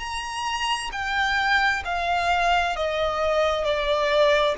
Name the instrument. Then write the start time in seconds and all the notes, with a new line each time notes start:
violin
0.00 A#5
0.92 G5
1.85 F5
2.76 D#5
3.64 D5